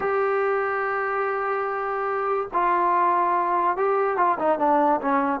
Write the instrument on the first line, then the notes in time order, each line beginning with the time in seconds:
trombone
0.00 G4
2.53 F4
3.76 G4
4.17 F4
4.38 D#4
4.58 D4
5.01 C#4